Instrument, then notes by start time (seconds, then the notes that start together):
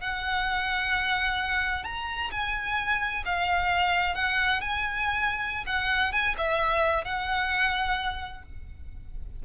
violin
0.00 F#5
1.84 A#5
2.31 G#5
3.25 F5
4.14 F#5
4.60 G#5
5.66 F#5
6.12 G#5
6.37 E5
7.04 F#5